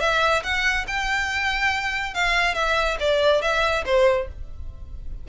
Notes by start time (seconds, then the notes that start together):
0.00 E5
0.43 F#5
0.87 G5
2.14 F5
2.55 E5
3.00 D5
3.42 E5
3.85 C5